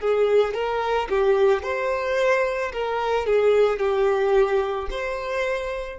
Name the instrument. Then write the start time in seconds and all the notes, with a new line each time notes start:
violin
0.00 G#4
0.54 A#4
1.09 G4
1.63 C5
2.72 A#4
3.26 G#4
3.79 G4
4.90 C5